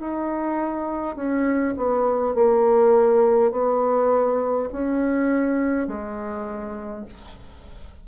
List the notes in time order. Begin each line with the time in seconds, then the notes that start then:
0.00 D#4
1.16 C#4
1.77 B3
2.35 A#3
3.52 B3
4.72 C#4
5.88 G#3